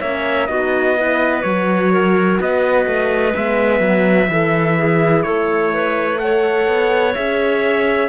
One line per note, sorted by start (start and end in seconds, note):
0.00 0.48 A#3
0.00 0.48 C#4
0.00 0.48 C#5
0.00 0.47 E5
0.47 1.44 B3
0.47 0.95 D#4
0.47 0.96 F#4
0.47 1.42 D#5
0.96 1.42 E4
0.96 1.93 B4
1.42 2.39 F#3
1.42 3.33 F#4
1.42 2.37 C#5
1.93 2.40 A#4
2.40 2.86 B3
2.40 4.30 B4
2.40 3.35 D#5
2.86 3.34 A3
3.34 3.80 G#3
3.34 4.29 B3
3.34 5.23 E5
3.80 4.27 F#3
4.29 5.24 E3
4.29 6.19 E4
4.29 4.78 A4
4.78 5.24 G#4
5.23 6.67 A3
5.23 5.72 A4
5.23 6.18 C#5
5.73 6.20 B4
6.19 7.15 A4
6.19 8.08 C#5
6.19 7.14 F#5
6.67 7.15 B3
7.14 8.08 C#4
7.14 8.08 G#4
7.14 8.08 E5